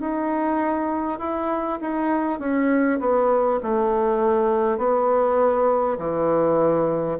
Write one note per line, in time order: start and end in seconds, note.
0.00 1.19 D#4
1.19 1.79 E4
1.81 2.39 D#4
2.39 2.99 C#4
3.00 3.60 B3
3.62 4.78 A3
4.78 5.98 B3
5.98 7.18 E3